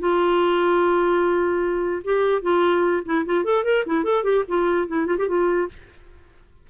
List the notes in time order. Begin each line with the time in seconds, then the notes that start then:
0.00 F4
2.04 G4
2.43 F4
3.05 E4
3.26 F4
3.45 A4
3.64 A#4
3.86 E4
4.04 A4
4.24 G4
4.48 F4
4.88 E4
5.07 F4
5.18 G4
5.28 F4